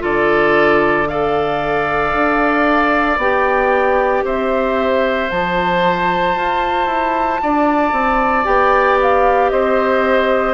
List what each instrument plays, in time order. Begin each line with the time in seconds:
0.00 bassoon D3, clarinet F4, oboe A4, flute D5
1.08 clarinet A4, oboe D5, flute F5
2.14 bassoon D4
3.18 bassoon B3, clarinet G4, flute G5
4.25 bassoon C4, oboe C5, flute E5
5.30 bassoon F3, clarinet F4, flute A5
6.37 bassoon F4
6.87 bassoon E4
7.43 bassoon D4, oboe D5
7.93 bassoon C4
8.45 bassoon B3, clarinet G4, flute G5
9.02 flute F5
9.50 bassoon C4, oboe C5, flute D#5